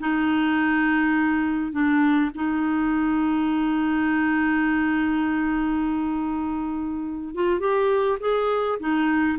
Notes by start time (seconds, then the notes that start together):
0.00 D#4
1.72 D4
2.35 D#4
7.35 F4
7.60 G4
8.20 G#4
8.80 D#4